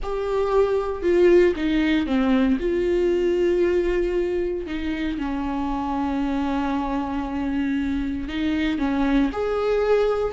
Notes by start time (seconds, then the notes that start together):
0.03 G4
1.02 F4
1.56 D#4
2.06 C4
2.59 F4
4.66 D#4
5.18 C#4
8.28 D#4
8.78 C#4
9.32 G#4